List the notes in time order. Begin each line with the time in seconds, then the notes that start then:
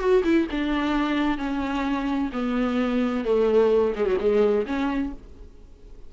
0.00 F#4
0.25 E4
0.52 D4
1.38 C#4
2.33 B3
3.25 A3
3.96 G#3
4.06 F#3
4.20 G#3
4.67 C#4